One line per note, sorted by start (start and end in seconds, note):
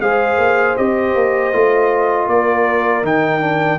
0.00 0.38 G#3
0.00 0.76 G#4
0.00 2.29 C5
0.00 0.76 F5
0.38 0.76 A#3
0.76 1.15 C4
0.76 1.52 G4
0.76 2.28 D#5
1.15 1.53 A#3
1.52 2.27 A3
1.52 3.03 F4
2.27 3.02 A#3
2.27 3.79 A#4
2.27 3.04 D5
3.02 3.78 D#3
3.02 3.40 D#4
3.02 3.79 G5
3.40 3.78 D4